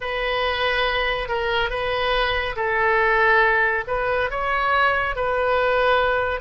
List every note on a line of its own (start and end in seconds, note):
0.00 1.28 B4
1.28 1.69 A#4
1.69 2.55 B4
2.56 3.84 A4
3.87 4.30 B4
4.30 5.15 C#5
5.15 6.40 B4